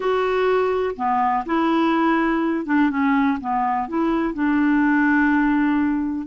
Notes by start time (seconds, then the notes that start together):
0.00 F#4
0.96 B3
1.45 E4
2.65 D4
2.89 C#4
3.40 B3
3.88 E4
4.34 D4